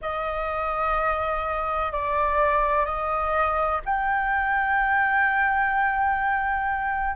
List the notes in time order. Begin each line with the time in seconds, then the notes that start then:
0.01 D#5
1.91 D5
2.85 D#5
3.85 G5